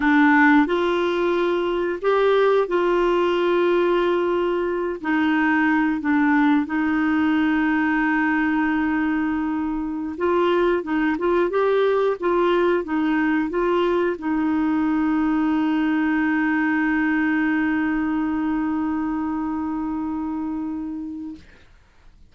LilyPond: \new Staff \with { instrumentName = "clarinet" } { \time 4/4 \tempo 4 = 90 d'4 f'2 g'4 | f'2.~ f'8 dis'8~ | dis'4 d'4 dis'2~ | dis'2.~ dis'16 f'8.~ |
f'16 dis'8 f'8 g'4 f'4 dis'8.~ | dis'16 f'4 dis'2~ dis'8.~ | dis'1~ | dis'1 | }